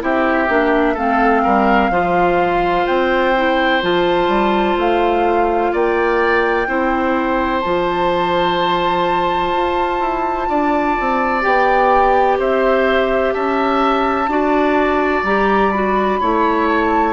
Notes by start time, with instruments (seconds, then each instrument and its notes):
0.00 bassoon C4, clarinet E4, oboe G4, flute E5
0.48 bassoon A#3, clarinet D4
0.94 bassoon A3, clarinet C4, oboe A4, flute F5
1.43 bassoon G3, oboe A#4
1.90 bassoon F3, clarinet F4, oboe C5
2.86 bassoon C4, flute G5
3.36 clarinet E4
3.82 bassoon F3, clarinet F4, flute A5
4.28 bassoon G3
4.77 bassoon A3, flute F5
5.72 bassoon A#3, oboe D5, flute G5
6.67 bassoon C4, clarinet E4, oboe C5
7.60 bassoon F3, clarinet F4, flute A5
9.52 bassoon F4
10.00 bassoon E4
10.49 bassoon D4, oboe D5
11.00 bassoon C4
11.41 bassoon B3, clarinet G4, flute G5
12.38 bassoon C4, oboe C5, flute E5
13.33 bassoon C#4, oboe E5, flute A5
14.27 bassoon D4, clarinet F#4, oboe D5
15.23 bassoon G3, clarinet G4, flute A#5
15.71 clarinet F#4, flute B5
16.20 bassoon A3, clarinet E4, oboe C#5
16.68 flute A5